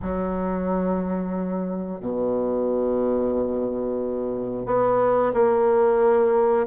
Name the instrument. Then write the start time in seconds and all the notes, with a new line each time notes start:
bassoon
0.02 F#3
2.00 B2
4.65 B3
5.33 A#3